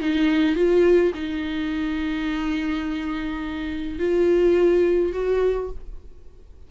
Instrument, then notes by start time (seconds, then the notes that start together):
viola
0.00 D#4
0.56 F4
1.14 D#4
3.99 F4
5.12 F#4